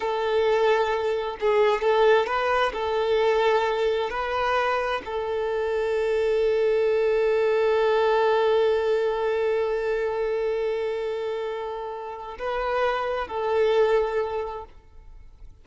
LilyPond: \new Staff \with { instrumentName = "violin" } { \time 4/4 \tempo 4 = 131 a'2. gis'4 | a'4 b'4 a'2~ | a'4 b'2 a'4~ | a'1~ |
a'1~ | a'1~ | a'2. b'4~ | b'4 a'2. | }